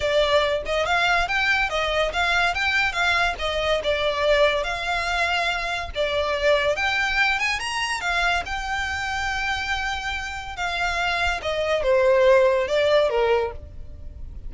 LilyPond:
\new Staff \with { instrumentName = "violin" } { \time 4/4 \tempo 4 = 142 d''4. dis''8 f''4 g''4 | dis''4 f''4 g''4 f''4 | dis''4 d''2 f''4~ | f''2 d''2 |
g''4. gis''8 ais''4 f''4 | g''1~ | g''4 f''2 dis''4 | c''2 d''4 ais'4 | }